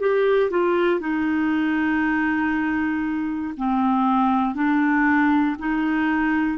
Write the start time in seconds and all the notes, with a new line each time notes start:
0.00 G4
0.50 F4
1.00 D#4
3.57 C4
4.55 D4
5.59 D#4